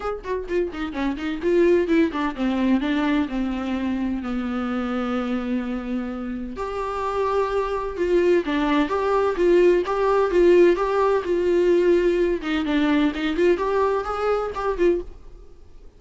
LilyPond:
\new Staff \with { instrumentName = "viola" } { \time 4/4 \tempo 4 = 128 gis'8 fis'8 f'8 dis'8 cis'8 dis'8 f'4 | e'8 d'8 c'4 d'4 c'4~ | c'4 b2.~ | b2 g'2~ |
g'4 f'4 d'4 g'4 | f'4 g'4 f'4 g'4 | f'2~ f'8 dis'8 d'4 | dis'8 f'8 g'4 gis'4 g'8 f'8 | }